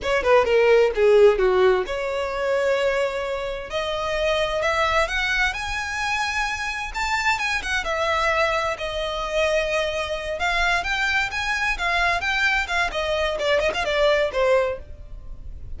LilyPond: \new Staff \with { instrumentName = "violin" } { \time 4/4 \tempo 4 = 130 cis''8 b'8 ais'4 gis'4 fis'4 | cis''1 | dis''2 e''4 fis''4 | gis''2. a''4 |
gis''8 fis''8 e''2 dis''4~ | dis''2~ dis''8 f''4 g''8~ | g''8 gis''4 f''4 g''4 f''8 | dis''4 d''8 dis''16 f''16 d''4 c''4 | }